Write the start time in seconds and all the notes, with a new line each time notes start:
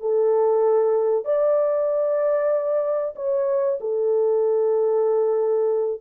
0.00 A4
1.24 D5
3.16 C#5
3.80 A4